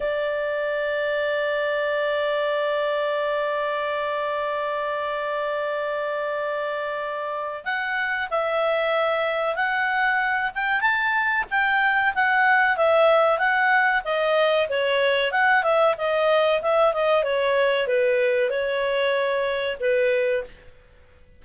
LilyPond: \new Staff \with { instrumentName = "clarinet" } { \time 4/4 \tempo 4 = 94 d''1~ | d''1~ | d''1 | fis''4 e''2 fis''4~ |
fis''8 g''8 a''4 g''4 fis''4 | e''4 fis''4 dis''4 cis''4 | fis''8 e''8 dis''4 e''8 dis''8 cis''4 | b'4 cis''2 b'4 | }